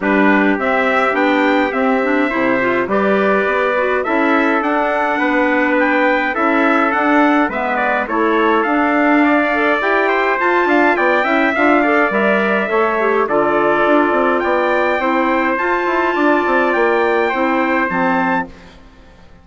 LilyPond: <<
  \new Staff \with { instrumentName = "trumpet" } { \time 4/4 \tempo 4 = 104 b'4 e''4 g''4 e''4~ | e''4 d''2 e''4 | fis''2 g''4 e''4 | fis''4 e''8 d''8 cis''4 f''4~ |
f''4 g''4 a''4 g''4 | f''4 e''2 d''4~ | d''4 g''2 a''4~ | a''4 g''2 a''4 | }
  \new Staff \with { instrumentName = "trumpet" } { \time 4/4 g'1 | c''4 b'2 a'4~ | a'4 b'2 a'4~ | a'4 b'4 a'2 |
d''4. c''4 f''8 d''8 e''8~ | e''8 d''4. cis''4 a'4~ | a'4 d''4 c''2 | d''2 c''2 | }
  \new Staff \with { instrumentName = "clarinet" } { \time 4/4 d'4 c'4 d'4 c'8 d'8 | e'8 f'8 g'4. fis'8 e'4 | d'2. e'4 | d'4 b4 e'4 d'4~ |
d'8 a'8 g'4 f'4. e'8 | f'8 a'8 ais'4 a'8 g'8 f'4~ | f'2 e'4 f'4~ | f'2 e'4 c'4 | }
  \new Staff \with { instrumentName = "bassoon" } { \time 4/4 g4 c'4 b4 c'4 | c4 g4 b4 cis'4 | d'4 b2 cis'4 | d'4 gis4 a4 d'4~ |
d'4 e'4 f'8 d'8 b8 cis'8 | d'4 g4 a4 d4 | d'8 c'8 b4 c'4 f'8 e'8 | d'8 c'8 ais4 c'4 f4 | }
>>